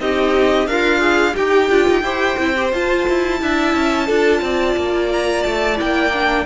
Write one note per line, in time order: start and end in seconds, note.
0.00 0.67 C4
0.00 0.69 D#4
0.00 0.70 G4
0.00 0.68 D#5
0.67 1.35 D4
0.67 1.35 F4
0.67 1.00 A#4
0.67 1.36 F5
1.00 1.34 G#4
1.35 1.71 D#4
1.35 2.03 G4
1.35 1.70 G4
1.35 2.73 G5
1.70 1.88 D4
1.70 2.04 F4
1.89 2.03 D#4
2.03 2.37 E4
2.03 2.39 G4
2.03 3.40 C5
2.39 2.73 C4
2.39 2.56 E4
2.56 2.73 G4
2.73 3.07 F4
2.73 3.40 F4
2.73 5.13 A5
3.09 3.42 E4
3.40 3.75 D4
3.40 4.08 E4
3.40 4.07 E5
3.75 4.09 C#4
4.07 4.42 D4
4.07 5.76 F4
4.07 4.41 A4
4.42 4.76 C4
4.42 6.46 D5
4.77 5.45 A#3
5.13 5.43 A#5
5.43 5.80 A3
5.43 5.77 A5
5.76 6.46 A#3
5.76 6.10 E4
5.76 6.46 G5
6.13 6.46 D4